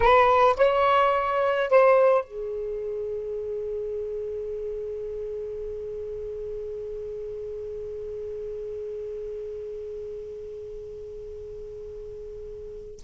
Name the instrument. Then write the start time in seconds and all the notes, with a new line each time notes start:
saxophone
0.00 B4
0.56 C#5
1.70 C5
2.24 G#4